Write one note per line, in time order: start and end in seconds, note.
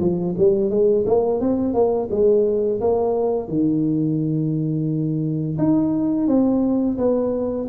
0.00 0.35 F3
0.38 0.70 G3
0.70 1.05 G#3
1.06 1.40 A#3
1.40 1.74 C4
1.74 2.09 A#3
2.11 2.80 G#3
2.81 3.48 A#3
3.48 5.58 D#3
5.58 6.28 D#4
6.28 6.97 C4
6.98 7.68 B3